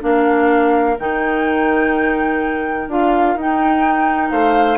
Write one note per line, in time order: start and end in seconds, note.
0.00 0.98 A#3
0.00 0.95 D4
0.00 4.31 A#4
0.00 0.98 F5
0.99 2.88 D#3
0.99 2.89 D#4
0.99 2.89 G5
2.88 3.35 D4
2.88 3.37 F4
2.88 3.38 F5
3.35 4.30 D#4
3.35 4.78 D#4
3.35 4.30 G5
4.30 4.78 A3
4.30 4.78 C5
4.30 4.77 F5